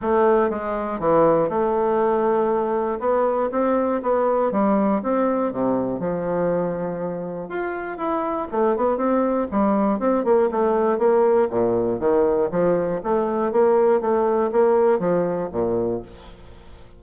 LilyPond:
\new Staff \with { instrumentName = "bassoon" } { \time 4/4 \tempo 4 = 120 a4 gis4 e4 a4~ | a2 b4 c'4 | b4 g4 c'4 c4 | f2. f'4 |
e'4 a8 b8 c'4 g4 | c'8 ais8 a4 ais4 ais,4 | dis4 f4 a4 ais4 | a4 ais4 f4 ais,4 | }